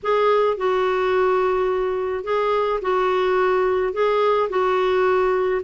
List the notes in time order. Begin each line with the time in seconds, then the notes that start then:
0.02 G#4
0.57 F#4
2.24 G#4
2.81 F#4
3.93 G#4
4.49 F#4